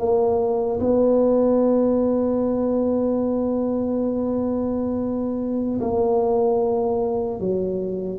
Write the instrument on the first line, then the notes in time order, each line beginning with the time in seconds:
tuba
0.00 A#3
0.80 B3
5.81 A#3
7.41 F#3